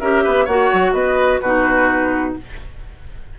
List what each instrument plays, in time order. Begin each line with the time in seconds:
0.00 bassoon C#4, clarinet G4, oboe A#4, flute E5
0.24 bassoon B3, oboe B4
0.45 bassoon A#3, clarinet F#4, oboe C#5, flute F#5
0.73 bassoon F#3
0.93 bassoon B3, oboe B4, flute D#5
1.40 bassoon B2, clarinet D#4, oboe F#4, flute B4